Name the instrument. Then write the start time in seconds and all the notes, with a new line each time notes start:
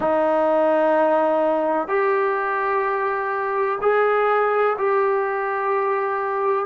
trombone
0.00 D#4
1.87 G4
3.81 G#4
4.78 G4